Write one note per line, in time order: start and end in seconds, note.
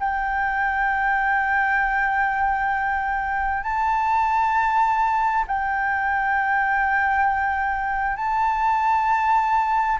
0.00 3.64 G5
3.64 5.45 A5
5.48 8.17 G5
8.17 9.99 A5